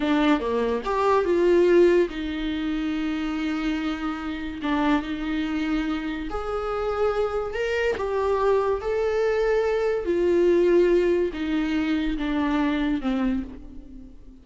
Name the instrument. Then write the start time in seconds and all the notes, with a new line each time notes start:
viola
0.00 D4
0.40 A#3
0.84 G4
1.24 F4
2.09 D#4
4.62 D4
5.02 D#4
6.29 G#4
7.54 A#4
7.97 G4
8.81 A4
10.05 F4
11.33 D#4
12.17 D4
13.01 C4